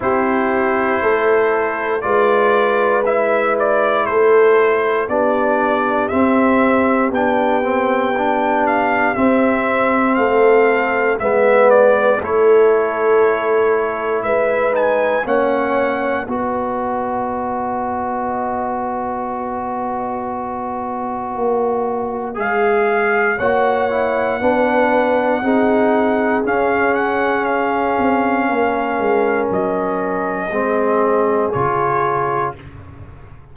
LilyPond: <<
  \new Staff \with { instrumentName = "trumpet" } { \time 4/4 \tempo 4 = 59 c''2 d''4 e''8 d''8 | c''4 d''4 e''4 g''4~ | g''8 f''8 e''4 f''4 e''8 d''8 | cis''2 e''8 gis''8 fis''4 |
dis''1~ | dis''2 f''4 fis''4~ | fis''2 f''8 fis''8 f''4~ | f''4 dis''2 cis''4 | }
  \new Staff \with { instrumentName = "horn" } { \time 4/4 g'4 a'4 b'2 | a'4 g'2.~ | g'2 a'4 b'4 | a'2 b'4 cis''4 |
b'1~ | b'2. cis''4 | b'4 gis'2. | ais'2 gis'2 | }
  \new Staff \with { instrumentName = "trombone" } { \time 4/4 e'2 f'4 e'4~ | e'4 d'4 c'4 d'8 c'8 | d'4 c'2 b4 | e'2~ e'8 dis'8 cis'4 |
fis'1~ | fis'2 gis'4 fis'8 e'8 | d'4 dis'4 cis'2~ | cis'2 c'4 f'4 | }
  \new Staff \with { instrumentName = "tuba" } { \time 4/4 c'4 a4 gis2 | a4 b4 c'4 b4~ | b4 c'4 a4 gis4 | a2 gis4 ais4 |
b1~ | b4 ais4 gis4 ais4 | b4 c'4 cis'4. c'8 | ais8 gis8 fis4 gis4 cis4 | }
>>